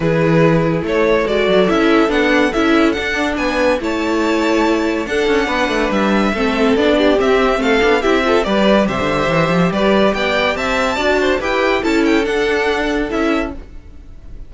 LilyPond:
<<
  \new Staff \with { instrumentName = "violin" } { \time 4/4 \tempo 4 = 142 b'2 cis''4 d''4 | e''4 fis''4 e''4 fis''4 | gis''4 a''2. | fis''2 e''2 |
d''4 e''4 f''4 e''4 | d''4 e''2 d''4 | g''4 a''2 g''4 | a''8 g''8 fis''2 e''4 | }
  \new Staff \with { instrumentName = "violin" } { \time 4/4 gis'2 a'2~ | a'1 | b'4 cis''2. | a'4 b'2 a'4~ |
a'8 g'4. a'4 g'8 a'8 | b'4 c''2 b'4 | d''4 e''4 d''8 c''8 b'4 | a'1 | }
  \new Staff \with { instrumentName = "viola" } { \time 4/4 e'2. fis'4 | e'4 d'4 e'4 d'4~ | d'4 e'2. | d'2. c'4 |
d'4 c'4. d'8 e'8 f'8 | g'1~ | g'2 fis'4 g'4 | e'4 d'2 e'4 | }
  \new Staff \with { instrumentName = "cello" } { \time 4/4 e2 a4 gis8 fis8 | cis'4 b4 cis'4 d'4 | b4 a2. | d'8 cis'8 b8 a8 g4 a4 |
b4 c'4 a8 b8 c'4 | g4 c16 d8. e8 f8 g4 | b4 c'4 d'4 e'4 | cis'4 d'2 cis'4 | }
>>